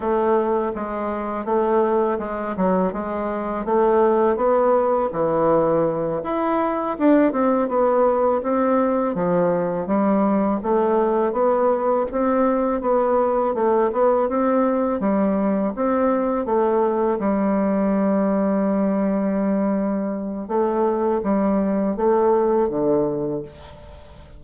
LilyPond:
\new Staff \with { instrumentName = "bassoon" } { \time 4/4 \tempo 4 = 82 a4 gis4 a4 gis8 fis8 | gis4 a4 b4 e4~ | e8 e'4 d'8 c'8 b4 c'8~ | c'8 f4 g4 a4 b8~ |
b8 c'4 b4 a8 b8 c'8~ | c'8 g4 c'4 a4 g8~ | g1 | a4 g4 a4 d4 | }